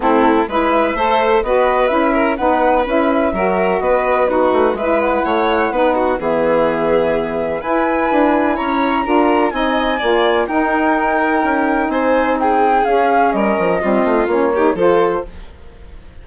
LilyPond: <<
  \new Staff \with { instrumentName = "flute" } { \time 4/4 \tempo 4 = 126 a'4 e''2 dis''4 | e''4 fis''4 e''2 | dis''4 b'4 e''8 fis''4.~ | fis''4 e''2. |
gis''2 ais''2 | gis''2 g''2~ | g''4 gis''4 g''4 f''4 | dis''2 cis''4 c''4 | }
  \new Staff \with { instrumentName = "violin" } { \time 4/4 e'4 b'4 c''4 b'4~ | b'8 ais'8 b'2 ais'4 | b'4 fis'4 b'4 cis''4 | b'8 fis'8 gis'2. |
b'2 cis''4 ais'4 | dis''4 d''4 ais'2~ | ais'4 c''4 gis'2 | ais'4 f'4. g'8 a'4 | }
  \new Staff \with { instrumentName = "saxophone" } { \time 4/4 c'4 e'4 a'4 fis'4 | e'4 dis'4 e'4 fis'4~ | fis'4 dis'4 e'2 | dis'4 b2. |
e'2. f'4 | dis'4 f'4 dis'2~ | dis'2. cis'4~ | cis'4 c'4 cis'8 dis'8 f'4 | }
  \new Staff \with { instrumentName = "bassoon" } { \time 4/4 a4 gis4 a4 b4 | cis'4 b4 cis'4 fis4 | b4. a8 gis4 a4 | b4 e2. |
e'4 d'4 cis'4 d'4 | c'4 ais4 dis'2 | cis'4 c'2 cis'4 | g8 f8 g8 a8 ais4 f4 | }
>>